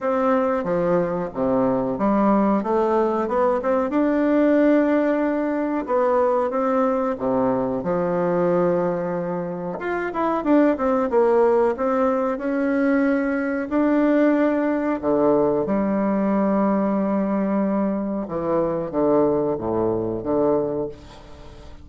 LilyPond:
\new Staff \with { instrumentName = "bassoon" } { \time 4/4 \tempo 4 = 92 c'4 f4 c4 g4 | a4 b8 c'8 d'2~ | d'4 b4 c'4 c4 | f2. f'8 e'8 |
d'8 c'8 ais4 c'4 cis'4~ | cis'4 d'2 d4 | g1 | e4 d4 a,4 d4 | }